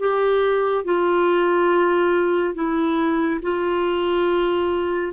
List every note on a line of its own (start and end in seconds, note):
0.00 0.85 G4
0.85 2.55 F4
2.55 3.41 E4
3.42 5.13 F4